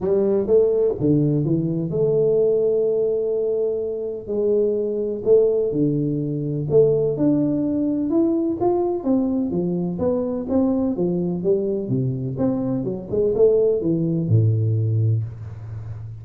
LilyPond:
\new Staff \with { instrumentName = "tuba" } { \time 4/4 \tempo 4 = 126 g4 a4 d4 e4 | a1~ | a4 gis2 a4 | d2 a4 d'4~ |
d'4 e'4 f'4 c'4 | f4 b4 c'4 f4 | g4 c4 c'4 fis8 gis8 | a4 e4 a,2 | }